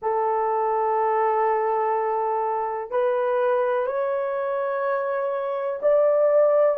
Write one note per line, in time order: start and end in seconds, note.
0.01 2.90 A4
2.90 3.86 B4
3.86 5.79 C#5
5.82 6.77 D5